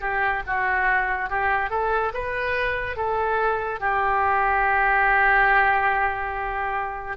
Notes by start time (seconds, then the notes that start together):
0.00 G4
0.46 F#4
1.29 G4
1.70 A4
2.14 B4
2.96 A4
3.80 G4